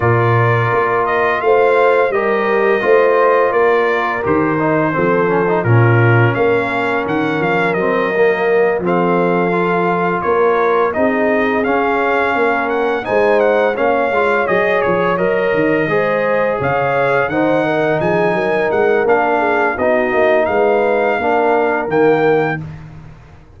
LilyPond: <<
  \new Staff \with { instrumentName = "trumpet" } { \time 4/4 \tempo 4 = 85 d''4. dis''8 f''4 dis''4~ | dis''4 d''4 c''2 | ais'4 f''4 fis''8 f''8 dis''4~ | dis''8 f''2 cis''4 dis''8~ |
dis''8 f''4. fis''8 gis''8 fis''8 f''8~ | f''8 dis''8 cis''8 dis''2 f''8~ | f''8 fis''4 gis''4 fis''8 f''4 | dis''4 f''2 g''4 | }
  \new Staff \with { instrumentName = "horn" } { \time 4/4 ais'2 c''4 ais'4 | c''4 ais'2 a'4 | f'4 ais'2.~ | ais'8 a'2 ais'4 gis'8~ |
gis'4. ais'4 c''4 cis''8~ | cis''2~ cis''8 c''4 cis''8~ | cis''8 c''8 ais'8 gis'8 ais'4. gis'8 | fis'4 b'4 ais'2 | }
  \new Staff \with { instrumentName = "trombone" } { \time 4/4 f'2. g'4 | f'2 g'8 dis'8 c'8 cis'16 dis'16 | cis'2. c'8 ais8~ | ais8 c'4 f'2 dis'8~ |
dis'8 cis'2 dis'4 cis'8 | f'8 gis'4 ais'4 gis'4.~ | gis'8 dis'2~ dis'8 d'4 | dis'2 d'4 ais4 | }
  \new Staff \with { instrumentName = "tuba" } { \time 4/4 ais,4 ais4 a4 g4 | a4 ais4 dis4 f4 | ais,4 ais4 dis8 f8 fis4~ | fis8 f2 ais4 c'8~ |
c'8 cis'4 ais4 gis4 ais8 | gis8 fis8 f8 fis8 dis8 gis4 cis8~ | cis8 dis4 f8 fis8 gis8 ais4 | b8 ais8 gis4 ais4 dis4 | }
>>